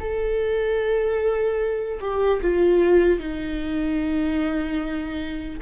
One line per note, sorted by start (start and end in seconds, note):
0.00 2.00 A4
2.01 2.41 G4
2.42 3.20 F4
3.20 5.60 D#4